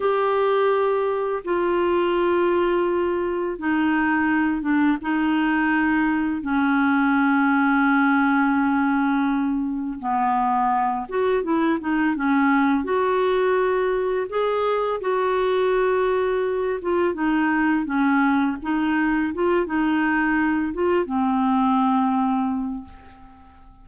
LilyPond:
\new Staff \with { instrumentName = "clarinet" } { \time 4/4 \tempo 4 = 84 g'2 f'2~ | f'4 dis'4. d'8 dis'4~ | dis'4 cis'2.~ | cis'2 b4. fis'8 |
e'8 dis'8 cis'4 fis'2 | gis'4 fis'2~ fis'8 f'8 | dis'4 cis'4 dis'4 f'8 dis'8~ | dis'4 f'8 c'2~ c'8 | }